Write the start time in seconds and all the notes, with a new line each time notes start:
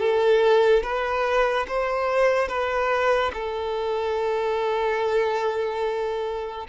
0.00 A4
0.83 B4
1.68 C5
2.48 B4
3.34 A4